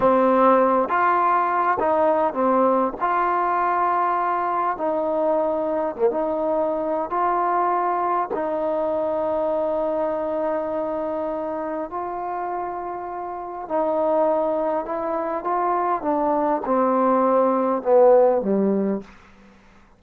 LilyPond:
\new Staff \with { instrumentName = "trombone" } { \time 4/4 \tempo 4 = 101 c'4. f'4. dis'4 | c'4 f'2. | dis'2 ais16 dis'4.~ dis'16 | f'2 dis'2~ |
dis'1 | f'2. dis'4~ | dis'4 e'4 f'4 d'4 | c'2 b4 g4 | }